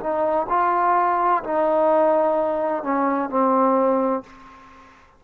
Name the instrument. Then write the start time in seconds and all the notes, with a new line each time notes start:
trombone
0.00 D#4
0.49 F4
1.44 D#4
2.83 C#4
3.29 C4